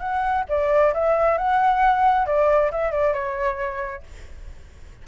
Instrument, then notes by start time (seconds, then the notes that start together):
flute
0.00 F#5
0.49 D5
0.94 E5
1.38 F#5
2.27 D5
2.72 E5
2.92 D5
3.14 C#5